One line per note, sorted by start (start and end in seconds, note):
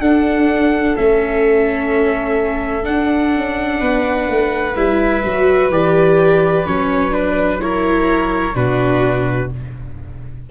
0.00 0.95 D4
0.00 0.96 D4
0.00 3.80 A4
0.00 0.96 F#5
0.96 2.88 A3
0.96 2.84 C#4
0.96 2.85 E5
2.84 4.74 D4
2.84 3.36 D4
2.84 4.76 F#5
3.36 3.81 C#4
3.80 4.28 B3
3.80 7.61 B4
4.28 4.76 A3
4.76 5.24 G3
4.76 5.23 E4
4.76 5.71 E5
5.25 5.69 F#3
5.25 5.71 F#4
5.69 6.65 E3
5.69 6.66 G4
5.69 6.67 D5
6.66 8.56 F#3
6.66 7.11 C#4
6.66 7.14 C#5
7.11 7.59 D4
7.11 7.61 B4
7.61 8.54 E4
7.61 8.55 A#4
7.61 8.56 C#5
8.54 9.51 B2
8.54 9.50 D4
8.54 9.50 F#4
8.54 9.51 B4